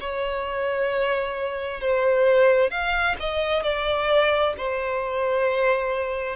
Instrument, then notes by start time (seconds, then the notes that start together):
violin
0.00 C#5
1.80 C5
2.70 F5
3.20 D#5
3.63 D5
4.57 C5